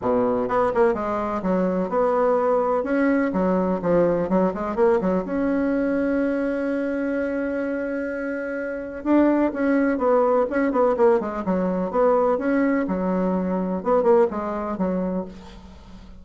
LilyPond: \new Staff \with { instrumentName = "bassoon" } { \time 4/4 \tempo 4 = 126 b,4 b8 ais8 gis4 fis4 | b2 cis'4 fis4 | f4 fis8 gis8 ais8 fis8 cis'4~ | cis'1~ |
cis'2. d'4 | cis'4 b4 cis'8 b8 ais8 gis8 | fis4 b4 cis'4 fis4~ | fis4 b8 ais8 gis4 fis4 | }